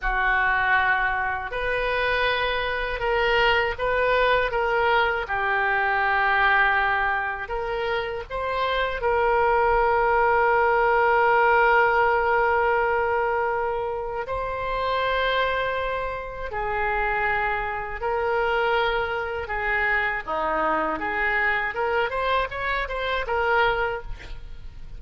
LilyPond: \new Staff \with { instrumentName = "oboe" } { \time 4/4 \tempo 4 = 80 fis'2 b'2 | ais'4 b'4 ais'4 g'4~ | g'2 ais'4 c''4 | ais'1~ |
ais'2. c''4~ | c''2 gis'2 | ais'2 gis'4 dis'4 | gis'4 ais'8 c''8 cis''8 c''8 ais'4 | }